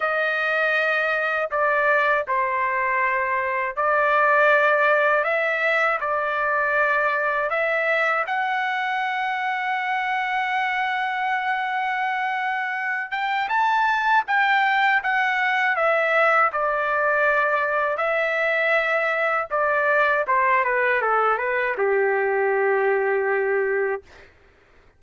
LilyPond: \new Staff \with { instrumentName = "trumpet" } { \time 4/4 \tempo 4 = 80 dis''2 d''4 c''4~ | c''4 d''2 e''4 | d''2 e''4 fis''4~ | fis''1~ |
fis''4. g''8 a''4 g''4 | fis''4 e''4 d''2 | e''2 d''4 c''8 b'8 | a'8 b'8 g'2. | }